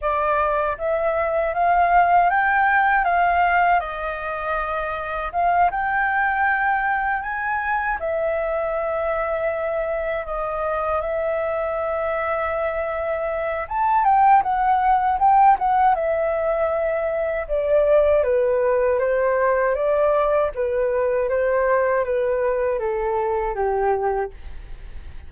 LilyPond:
\new Staff \with { instrumentName = "flute" } { \time 4/4 \tempo 4 = 79 d''4 e''4 f''4 g''4 | f''4 dis''2 f''8 g''8~ | g''4. gis''4 e''4.~ | e''4. dis''4 e''4.~ |
e''2 a''8 g''8 fis''4 | g''8 fis''8 e''2 d''4 | b'4 c''4 d''4 b'4 | c''4 b'4 a'4 g'4 | }